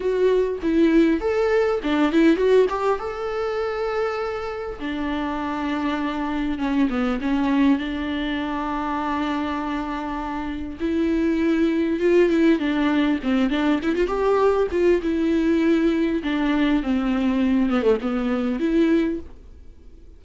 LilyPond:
\new Staff \with { instrumentName = "viola" } { \time 4/4 \tempo 4 = 100 fis'4 e'4 a'4 d'8 e'8 | fis'8 g'8 a'2. | d'2. cis'8 b8 | cis'4 d'2.~ |
d'2 e'2 | f'8 e'8 d'4 c'8 d'8 e'16 f'16 g'8~ | g'8 f'8 e'2 d'4 | c'4. b16 a16 b4 e'4 | }